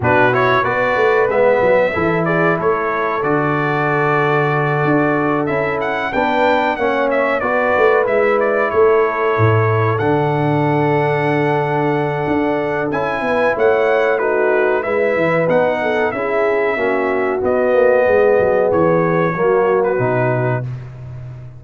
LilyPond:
<<
  \new Staff \with { instrumentName = "trumpet" } { \time 4/4 \tempo 4 = 93 b'8 cis''8 d''4 e''4. d''8 | cis''4 d''2.~ | d''8 e''8 fis''8 g''4 fis''8 e''8 d''8~ | d''8 e''8 d''8 cis''2 fis''8~ |
fis''1 | gis''4 fis''4 b'4 e''4 | fis''4 e''2 dis''4~ | dis''4 cis''4.~ cis''16 b'4~ b'16 | }
  \new Staff \with { instrumentName = "horn" } { \time 4/4 fis'4 b'2 a'8 gis'8 | a'1~ | a'4. b'4 cis''4 b'8~ | b'4. a'2~ a'8~ |
a'1~ | a'8 b'8 cis''4 fis'4 b'4~ | b'8 a'8 gis'4 fis'2 | gis'2 fis'2 | }
  \new Staff \with { instrumentName = "trombone" } { \time 4/4 d'8 e'8 fis'4 b4 e'4~ | e'4 fis'2.~ | fis'8 e'4 d'4 cis'4 fis'8~ | fis'8 e'2. d'8~ |
d'1 | e'2 dis'4 e'4 | dis'4 e'4 cis'4 b4~ | b2 ais4 dis'4 | }
  \new Staff \with { instrumentName = "tuba" } { \time 4/4 b,4 b8 a8 gis8 fis8 e4 | a4 d2~ d8 d'8~ | d'8 cis'4 b4 ais4 b8 | a8 gis4 a4 a,4 d8~ |
d2. d'4 | cis'8 b8 a2 gis8 e8 | b4 cis'4 ais4 b8 ais8 | gis8 fis8 e4 fis4 b,4 | }
>>